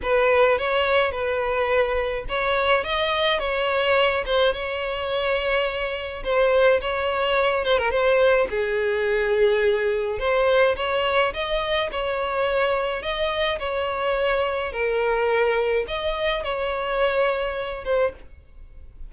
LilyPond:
\new Staff \with { instrumentName = "violin" } { \time 4/4 \tempo 4 = 106 b'4 cis''4 b'2 | cis''4 dis''4 cis''4. c''8 | cis''2. c''4 | cis''4. c''16 ais'16 c''4 gis'4~ |
gis'2 c''4 cis''4 | dis''4 cis''2 dis''4 | cis''2 ais'2 | dis''4 cis''2~ cis''8 c''8 | }